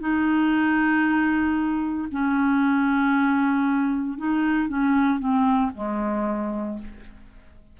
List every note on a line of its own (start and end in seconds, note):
0.00 2.09 D#4
2.12 4.18 C#4
4.18 4.69 D#4
4.69 5.19 C#4
5.19 5.72 C4
5.75 6.79 G#3